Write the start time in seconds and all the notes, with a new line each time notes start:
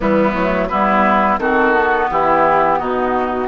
0.00 E3 G3 B3 E4
0.33 F#3 A3
0.68 G3 B3 E4 B4
1.38 D#3 C4 F#4 A4
1.73 B3
2.10 E3 E4 G4
2.79 B2 D#4 F#4